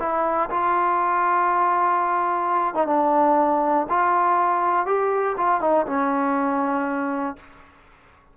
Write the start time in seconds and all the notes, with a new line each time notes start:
0.00 E4
0.50 F4
2.75 D#4
2.87 D4
3.89 F4
4.87 G4
5.38 F4
5.61 D#4
5.87 C#4